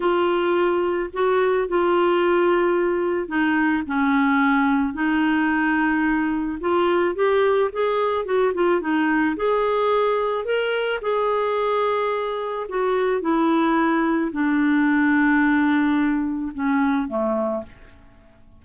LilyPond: \new Staff \with { instrumentName = "clarinet" } { \time 4/4 \tempo 4 = 109 f'2 fis'4 f'4~ | f'2 dis'4 cis'4~ | cis'4 dis'2. | f'4 g'4 gis'4 fis'8 f'8 |
dis'4 gis'2 ais'4 | gis'2. fis'4 | e'2 d'2~ | d'2 cis'4 a4 | }